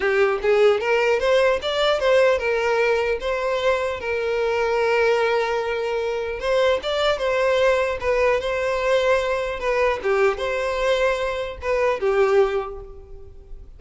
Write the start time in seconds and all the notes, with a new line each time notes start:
0.00 G4
0.42 G#4
0.80 A#4
1.19 C5
1.61 D5
1.99 C5
2.38 A#4
3.20 C5
3.99 A#4
6.39 C5
6.82 D5
7.18 C5
8.00 B4
8.40 C5
9.59 B4
10.02 G4
10.37 C5
11.61 B4
11.99 G4